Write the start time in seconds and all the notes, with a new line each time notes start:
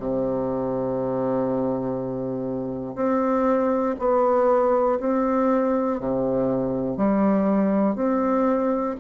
0.00 C3
2.96 C4
3.99 B3
5.00 C4
6.00 C3
6.98 G3
7.95 C4